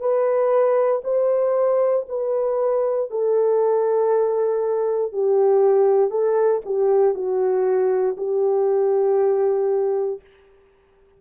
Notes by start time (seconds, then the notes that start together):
0.00 B4
1.04 C5
2.09 B4
3.11 A4
5.13 G4
6.10 A4
6.65 G4
7.14 F#4
8.17 G4